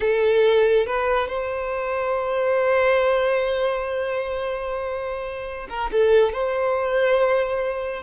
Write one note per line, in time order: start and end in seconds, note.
0.00 0.86 A4
0.86 1.27 B4
1.27 5.67 C5
5.69 5.90 A#4
5.91 6.32 A4
6.32 8.02 C5